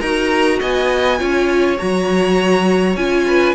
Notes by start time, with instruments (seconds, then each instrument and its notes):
0.00 cello D#4, viola F#4, violin A#4 A#5
0.60 cello B3, violin D#5 G#5
1.19 cello C#4, viola F4, violin C#5
1.78 cello F#3, viola F#4, violin A#5
2.96 cello C#4, viola F4, violin G#5
3.27 violin B4